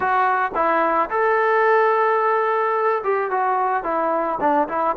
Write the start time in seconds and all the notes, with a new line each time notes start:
0.00 F#4
0.54 E4
1.10 A4
3.03 G4
3.31 F#4
3.83 E4
4.40 D4
4.68 E4